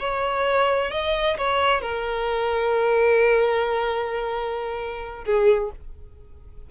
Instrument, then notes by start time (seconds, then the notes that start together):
violin
0.00 C#5
0.92 D#5
1.38 C#5
1.82 A#4
5.25 G#4